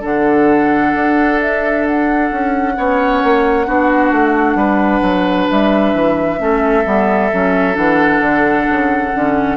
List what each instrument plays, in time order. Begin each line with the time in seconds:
0.00 bassoon D3, clarinet D4, oboe A4, flute F#5
0.94 bassoon D4
1.41 flute E5
1.86 flute F#5
2.31 bassoon C#4
2.75 bassoon B3, clarinet C#4, oboe C#5
3.23 bassoon A#3
3.65 bassoon B3, clarinet D4, oboe F#4
4.12 bassoon A3
4.55 bassoon G3, oboe B4
5.02 bassoon F#3
5.50 bassoon G3, flute E5
5.93 bassoon E3
6.38 bassoon A3, clarinet C#4, oboe A4
6.84 bassoon G3, clarinet B3
7.33 bassoon F#3, clarinet C#4
7.73 bassoon E3, clarinet D4, flute F#5
8.20 bassoon D3
8.70 bassoon C#3
9.14 bassoon D3, clarinet C#4